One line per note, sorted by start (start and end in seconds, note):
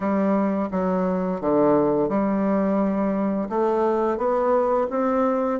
0.00 0.68 G3
0.71 1.40 F#3
1.40 2.08 D3
2.08 3.48 G3
3.49 4.17 A3
4.17 4.87 B3
4.90 5.59 C4